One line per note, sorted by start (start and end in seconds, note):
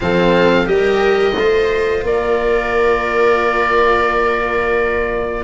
0.00 0.66 F3
0.00 0.65 C4
0.00 0.70 A4
0.00 0.67 F5
0.65 1.35 G3
0.65 1.33 G4
0.65 1.38 A#4
0.65 2.04 D#5
1.36 2.03 A3
1.36 5.44 F4
1.36 2.06 C5
2.03 5.44 A#3
2.03 5.44 A#4
2.03 5.44 D5